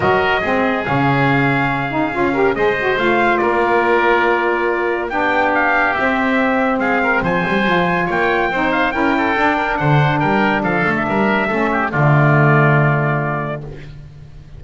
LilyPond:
<<
  \new Staff \with { instrumentName = "trumpet" } { \time 4/4 \tempo 4 = 141 dis''2 f''2~ | f''2 dis''4 f''4 | d''1 | g''4 f''4 e''2 |
f''4 gis''2 g''4~ | g''8 f''8 g''2 fis''4 | g''4 f''8. e''2~ e''16 | d''1 | }
  \new Staff \with { instrumentName = "oboe" } { \time 4/4 ais'4 gis'2.~ | gis'4. ais'8 c''2 | ais'1 | g'1 |
gis'8 ais'8 c''2 cis''4 | c''4 ais'8 a'4 ais'8 c''4 | ais'4 a'4 ais'4 a'8 g'8 | f'1 | }
  \new Staff \with { instrumentName = "saxophone" } { \time 4/4 fis'4 c'4 cis'2~ | cis'8 dis'8 f'8 g'8 gis'8 fis'8 f'4~ | f'1 | d'2 c'2~ |
c'2 f'2 | dis'4 e'4 d'2~ | d'2. cis'4 | a1 | }
  \new Staff \with { instrumentName = "double bass" } { \time 4/4 fis4 gis4 cis2~ | cis4 cis'4 gis4 a4 | ais1 | b2 c'2 |
gis4 f8 g8 f4 ais4 | c'4 cis'4 d'4 d4 | g4 f8 a8 g4 a4 | d1 | }
>>